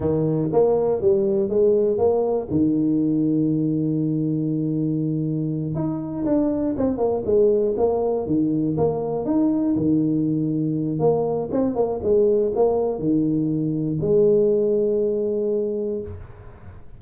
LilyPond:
\new Staff \with { instrumentName = "tuba" } { \time 4/4 \tempo 4 = 120 dis4 ais4 g4 gis4 | ais4 dis2.~ | dis2.~ dis8 dis'8~ | dis'8 d'4 c'8 ais8 gis4 ais8~ |
ais8 dis4 ais4 dis'4 dis8~ | dis2 ais4 c'8 ais8 | gis4 ais4 dis2 | gis1 | }